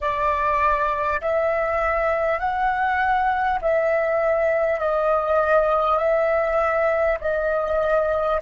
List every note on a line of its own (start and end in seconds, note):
0.00 1.20 D5
1.21 2.39 E5
2.39 3.59 F#5
3.61 4.79 E5
4.79 5.98 D#5
5.98 7.18 E5
7.21 8.41 D#5